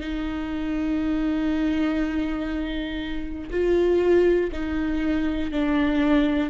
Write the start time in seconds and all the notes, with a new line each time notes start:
0.00 D#4
3.51 F4
4.52 D#4
5.51 D4